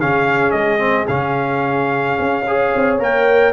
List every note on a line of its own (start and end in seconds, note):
0.00 0.52 C#3
0.00 0.78 C#4
0.00 2.46 G#4
0.00 0.51 F5
0.51 1.07 G#3
0.51 1.05 D#5
0.78 1.05 C4
1.07 2.17 C#3
1.07 2.46 C#4
1.07 2.98 F5
2.19 2.73 C#4
2.47 2.99 G#4
2.47 3.53 C#5
2.75 2.99 C4
2.99 3.53 A#3
2.99 3.53 A#4
2.99 3.53 G5